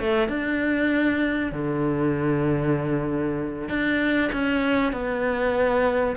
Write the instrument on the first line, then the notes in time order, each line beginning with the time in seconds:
cello
0.00 A3
0.28 D4
1.52 D3
3.69 D4
4.32 C#4
4.92 B3